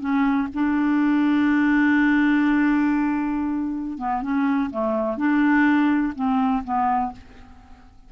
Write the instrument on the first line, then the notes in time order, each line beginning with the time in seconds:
clarinet
0.00 C#4
0.54 D4
3.98 B3
4.22 C#4
4.70 A3
5.17 D4
6.16 C4
6.64 B3